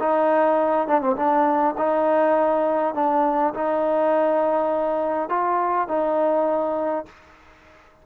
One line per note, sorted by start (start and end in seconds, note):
0.00 0.88 D#4
0.88 1.01 D4
1.01 1.16 C4
1.17 1.75 D4
1.78 2.95 D#4
2.95 3.54 D4
3.54 5.30 D#4
5.30 5.88 F4
5.88 7.06 D#4